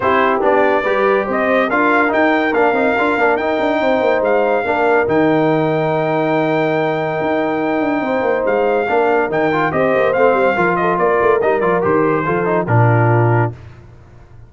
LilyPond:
<<
  \new Staff \with { instrumentName = "trumpet" } { \time 4/4 \tempo 4 = 142 c''4 d''2 dis''4 | f''4 g''4 f''2 | g''2 f''2 | g''1~ |
g''1 | f''2 g''4 dis''4 | f''4. dis''8 d''4 dis''8 d''8 | c''2 ais'2 | }
  \new Staff \with { instrumentName = "horn" } { \time 4/4 g'2 b'4 c''4 | ais'1~ | ais'4 c''2 ais'4~ | ais'1~ |
ais'2. c''4~ | c''4 ais'2 c''4~ | c''4 ais'8 a'8 ais'2~ | ais'4 a'4 f'2 | }
  \new Staff \with { instrumentName = "trombone" } { \time 4/4 e'4 d'4 g'2 | f'4 dis'4 d'8 dis'8 f'8 d'8 | dis'2. d'4 | dis'1~ |
dis'1~ | dis'4 d'4 dis'8 f'8 g'4 | c'4 f'2 dis'8 f'8 | g'4 f'8 dis'8 d'2 | }
  \new Staff \with { instrumentName = "tuba" } { \time 4/4 c'4 b4 g4 c'4 | d'4 dis'4 ais8 c'8 d'8 ais8 | dis'8 d'8 c'8 ais8 gis4 ais4 | dis1~ |
dis4 dis'4. d'8 c'8 ais8 | gis4 ais4 dis4 c'8 ais8 | a8 g8 f4 ais8 a8 g8 f8 | dis4 f4 ais,2 | }
>>